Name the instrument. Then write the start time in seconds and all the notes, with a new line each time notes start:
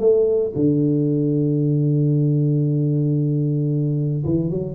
tuba
0.00 A3
0.56 D3
4.26 E3
4.50 F#3